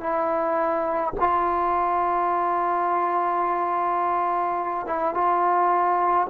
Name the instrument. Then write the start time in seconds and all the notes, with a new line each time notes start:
trombone
0.00 E4
1.20 F4
4.87 E4
5.14 F4